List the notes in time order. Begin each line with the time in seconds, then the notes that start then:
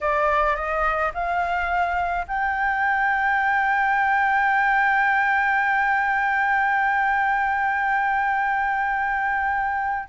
0.00 D5
0.56 D#5
1.13 F5
2.27 G5